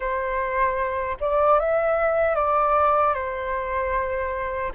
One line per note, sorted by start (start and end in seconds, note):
0.00 1.17 C5
1.20 1.59 D5
1.59 2.35 E5
2.35 3.14 D5
3.14 4.72 C5